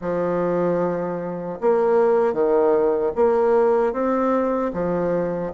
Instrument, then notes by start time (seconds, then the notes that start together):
bassoon
0.01 F3
1.60 A#3
2.33 D#3
3.15 A#3
3.92 C4
4.73 F3